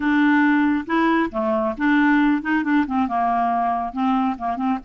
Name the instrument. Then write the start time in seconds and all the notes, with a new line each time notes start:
clarinet
0.00 D4
0.86 E4
1.31 A3
1.77 D4
2.41 D#4
2.63 D4
2.86 C4
3.08 A#3
3.92 C4
4.38 A#3
4.56 C4